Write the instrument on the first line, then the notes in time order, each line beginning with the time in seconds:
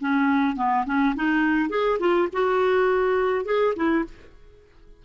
clarinet
0.00 C#4
0.56 B3
0.86 C#4
1.15 D#4
1.69 G#4
1.99 F4
2.32 F#4
3.45 G#4
3.76 E4